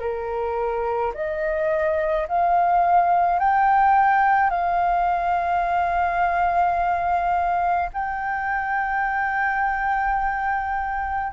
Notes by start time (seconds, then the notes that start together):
0.00 A#4
1.14 D#5
2.28 F5
3.40 G5
4.50 F5
7.93 G5